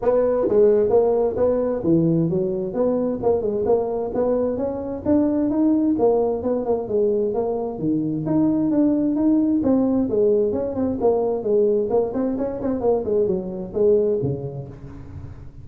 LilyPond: \new Staff \with { instrumentName = "tuba" } { \time 4/4 \tempo 4 = 131 b4 gis4 ais4 b4 | e4 fis4 b4 ais8 gis8 | ais4 b4 cis'4 d'4 | dis'4 ais4 b8 ais8 gis4 |
ais4 dis4 dis'4 d'4 | dis'4 c'4 gis4 cis'8 c'8 | ais4 gis4 ais8 c'8 cis'8 c'8 | ais8 gis8 fis4 gis4 cis4 | }